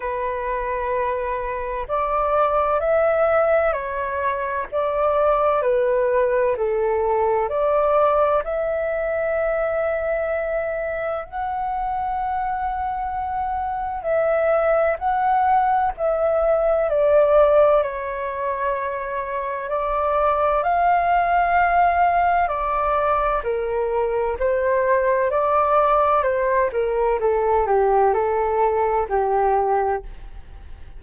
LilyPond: \new Staff \with { instrumentName = "flute" } { \time 4/4 \tempo 4 = 64 b'2 d''4 e''4 | cis''4 d''4 b'4 a'4 | d''4 e''2. | fis''2. e''4 |
fis''4 e''4 d''4 cis''4~ | cis''4 d''4 f''2 | d''4 ais'4 c''4 d''4 | c''8 ais'8 a'8 g'8 a'4 g'4 | }